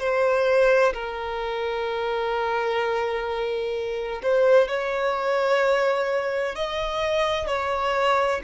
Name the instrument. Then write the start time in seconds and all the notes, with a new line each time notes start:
violin
0.00 C5
0.94 A#4
4.23 C5
4.68 C#5
6.56 D#5
7.47 C#5